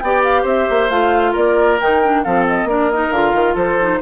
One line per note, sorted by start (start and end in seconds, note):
0.00 0.44 B3
0.00 0.90 G4
0.00 0.42 D5
0.00 0.22 G5
0.23 0.46 F5
0.42 0.66 C4
0.42 1.31 C5
0.42 0.89 E5
0.70 0.90 A#3
0.89 1.34 A3
0.89 1.79 F4
0.89 1.34 F5
1.32 1.81 A#3
1.32 2.21 A#4
1.32 1.80 D5
1.80 2.25 D#3
1.80 2.02 D#4
1.80 2.24 G5
2.03 2.25 D4
2.24 2.64 F3
2.24 2.69 C4
2.24 2.69 A4
2.24 2.46 F5
2.48 2.69 D#5
2.64 3.08 A#3
2.64 2.91 D4
2.64 3.54 A#4
2.64 2.91 D5
2.91 3.13 D#4
2.91 3.12 D#5
3.11 3.34 D3
3.11 3.80 F4
3.11 3.56 F5
3.34 3.55 D#3
3.54 4.00 F3
3.54 3.99 A4
3.54 4.02 C5
3.80 4.02 D#4